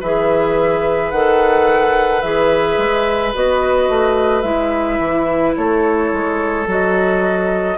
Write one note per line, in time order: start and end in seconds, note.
0.00 1.11 E3
0.00 1.14 G#4
0.00 5.56 B4
0.00 1.10 E5
1.10 2.22 D#3
1.10 2.23 A4
1.10 2.22 F#5
2.22 2.77 E3
2.22 3.34 G#4
2.22 3.33 E5
2.77 3.33 G#3
3.34 3.89 B3
3.34 4.43 F#4
3.34 4.41 D#5
3.89 4.43 A3
4.41 4.98 G#3
4.41 6.65 E4
4.41 5.52 E5
4.99 5.54 E3
5.56 6.12 A3
5.56 7.78 A4
5.56 6.67 C#5
6.12 6.66 G#3
6.66 7.78 F#3
6.66 7.78 F#4
6.66 7.78 D#5